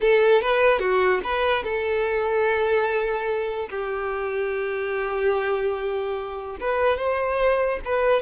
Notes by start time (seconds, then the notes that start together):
0.00 A4
0.41 B4
0.79 F#4
1.23 B4
1.63 A4
3.69 G4
6.60 B4
6.97 C5
7.84 B4